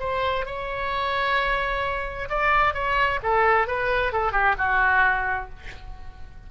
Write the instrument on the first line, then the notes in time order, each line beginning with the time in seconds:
oboe
0.00 C5
0.46 C#5
2.30 D5
2.74 C#5
3.23 A4
3.67 B4
4.13 A4
4.32 G4
4.58 F#4